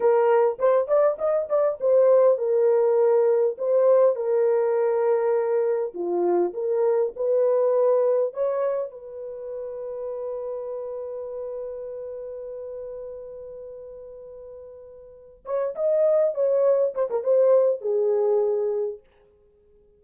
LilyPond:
\new Staff \with { instrumentName = "horn" } { \time 4/4 \tempo 4 = 101 ais'4 c''8 d''8 dis''8 d''8 c''4 | ais'2 c''4 ais'4~ | ais'2 f'4 ais'4 | b'2 cis''4 b'4~ |
b'1~ | b'1~ | b'2 cis''8 dis''4 cis''8~ | cis''8 c''16 ais'16 c''4 gis'2 | }